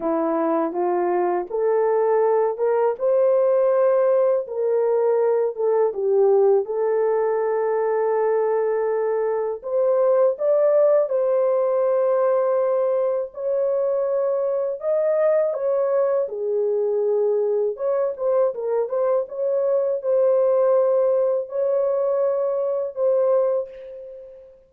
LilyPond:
\new Staff \with { instrumentName = "horn" } { \time 4/4 \tempo 4 = 81 e'4 f'4 a'4. ais'8 | c''2 ais'4. a'8 | g'4 a'2.~ | a'4 c''4 d''4 c''4~ |
c''2 cis''2 | dis''4 cis''4 gis'2 | cis''8 c''8 ais'8 c''8 cis''4 c''4~ | c''4 cis''2 c''4 | }